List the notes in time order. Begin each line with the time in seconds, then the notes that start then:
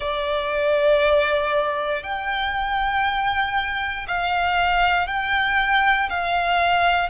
0.00 D5
2.03 G5
4.07 F5
5.07 G5
6.09 F5